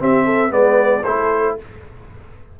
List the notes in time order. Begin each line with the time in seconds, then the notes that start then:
0.00 C4 G4 E5
0.25 A4
0.50 G#3 B3 B4 D5
1.04 A3 E4 A4 C5